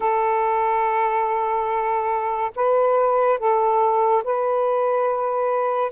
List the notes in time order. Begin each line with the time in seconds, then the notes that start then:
0.00 A4
2.55 B4
3.38 A4
4.24 B4